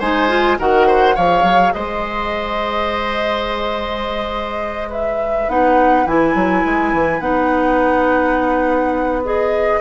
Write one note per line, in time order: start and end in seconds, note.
0.00 0.58 G#3
0.00 0.29 D#4
0.00 0.58 C5
0.00 0.58 G#5
0.29 0.58 F4
0.59 1.17 D#3
0.59 1.16 F#4
0.59 0.88 A#4
0.59 1.17 F#5
0.88 1.16 C5
1.16 1.43 F3
1.16 5.49 G#4
1.16 1.73 C#5
1.16 1.73 F5
1.43 1.72 F#3
1.73 5.48 G#3
1.73 4.89 C5
1.73 4.91 D#5
4.89 9.80 B4
4.89 5.50 E5
5.48 6.06 B3
5.48 6.06 D#4
5.48 6.07 F#5
6.06 6.35 E3
6.06 7.21 E4
6.06 7.21 G#5
6.35 6.64 F#3
6.65 6.93 G#3
6.93 7.20 E3
7.20 9.80 B3
7.20 9.23 D#4
7.20 9.23 F#5
9.25 9.81 G#4
9.25 9.81 D#5